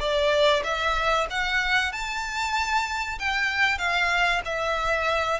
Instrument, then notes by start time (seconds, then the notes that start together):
violin
0.00 D5
0.64 E5
1.30 F#5
1.93 A5
3.19 G5
3.78 F5
4.45 E5